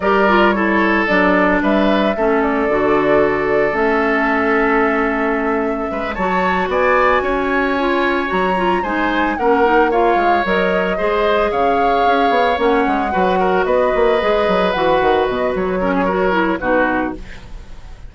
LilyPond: <<
  \new Staff \with { instrumentName = "flute" } { \time 4/4 \tempo 4 = 112 d''4 cis''4 d''4 e''4~ | e''8 d''2~ d''8 e''4~ | e''2.~ e''8 a''8~ | a''8 gis''2. ais''8~ |
ais''8 gis''4 fis''4 f''4 dis''8~ | dis''4. f''2 fis''8~ | fis''4. dis''2 fis''8~ | fis''8 dis''8 cis''2 b'4 | }
  \new Staff \with { instrumentName = "oboe" } { \time 4/4 ais'4 a'2 b'4 | a'1~ | a'2. b'8 cis''8~ | cis''8 d''4 cis''2~ cis''8~ |
cis''8 c''4 ais'4 cis''4.~ | cis''8 c''4 cis''2~ cis''8~ | cis''8 b'8 ais'8 b'2~ b'8~ | b'4. ais'16 gis'16 ais'4 fis'4 | }
  \new Staff \with { instrumentName = "clarinet" } { \time 4/4 g'8 f'8 e'4 d'2 | cis'4 fis'2 cis'4~ | cis'2.~ cis'8 fis'8~ | fis'2~ fis'8 f'4 fis'8 |
f'8 dis'4 cis'8 dis'8 f'4 ais'8~ | ais'8 gis'2. cis'8~ | cis'8 fis'2 gis'4 fis'8~ | fis'4. cis'8 fis'8 e'8 dis'4 | }
  \new Staff \with { instrumentName = "bassoon" } { \time 4/4 g2 fis4 g4 | a4 d2 a4~ | a2. gis8 fis8~ | fis8 b4 cis'2 fis8~ |
fis8 gis4 ais4. gis8 fis8~ | fis8 gis4 cis4 cis'8 b8 ais8 | gis8 fis4 b8 ais8 gis8 fis8 e8 | dis8 b,8 fis2 b,4 | }
>>